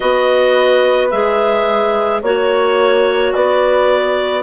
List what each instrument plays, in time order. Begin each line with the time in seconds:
0.00 bassoon B3, clarinet F#4 D#5, horn B4
1.10 bassoon G#3, clarinet G#4 E5
2.22 bassoon A#3, clarinet F#4 C#5, horn C#5
3.33 bassoon B3, horn B4, clarinet D5